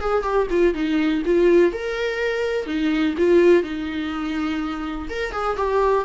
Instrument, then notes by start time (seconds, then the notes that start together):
viola
0.00 G#4
0.23 G4
0.50 F4
0.74 D#4
1.25 F4
1.72 A#4
2.66 D#4
3.18 F4
3.63 D#4
5.09 A#4
5.32 G#4
5.56 G4